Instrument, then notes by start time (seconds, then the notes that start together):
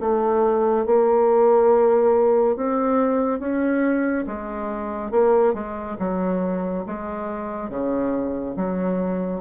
bassoon
0.00 A3
0.86 A#3
2.56 C4
3.39 C#4
4.26 G#3
5.11 A#3
5.54 G#3
5.99 F#3
6.86 G#3
7.69 C#3
8.56 F#3